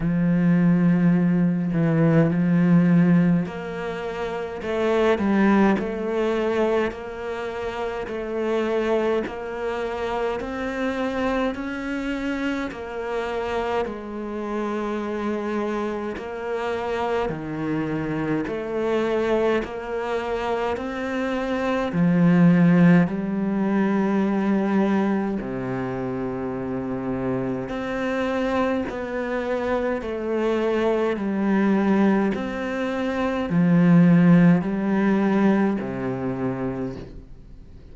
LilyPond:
\new Staff \with { instrumentName = "cello" } { \time 4/4 \tempo 4 = 52 f4. e8 f4 ais4 | a8 g8 a4 ais4 a4 | ais4 c'4 cis'4 ais4 | gis2 ais4 dis4 |
a4 ais4 c'4 f4 | g2 c2 | c'4 b4 a4 g4 | c'4 f4 g4 c4 | }